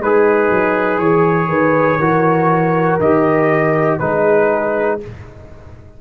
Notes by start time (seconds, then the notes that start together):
0.00 G#3 D#4 G#4 B4
0.50 F#3
0.98 E3 G#4 C#5
1.48 D#3 B4
1.99 E3 F#4 A#4
3.00 D#3 G4 D#5
3.99 G#3 D#4 G#4 B4